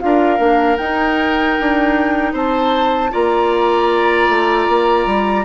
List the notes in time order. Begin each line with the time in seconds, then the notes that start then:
0.00 D4 F4 A#4 F5
0.38 A#3 D4
0.77 D#4 G5
1.60 D4
2.33 C4 C5 A5
3.11 A#3 F4 D5 A#5
4.29 A3
4.69 A#3
5.06 G3